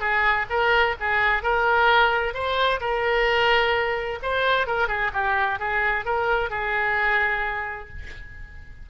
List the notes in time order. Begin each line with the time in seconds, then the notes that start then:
0.00 G#4
0.50 A#4
1.00 G#4
1.43 A#4
2.34 C5
2.81 A#4
4.23 C5
4.67 A#4
4.88 G#4
5.13 G4
5.59 G#4
6.05 A#4
6.50 G#4